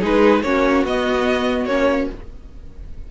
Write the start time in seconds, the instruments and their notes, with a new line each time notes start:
0.00 cello G#3, viola D#4, violin G#4 B4
0.43 cello A#3, viola C#4, violin F#4 C#5
0.84 cello B3, viola B3, violin D#5
1.65 cello A#3, viola C#4, violin C#5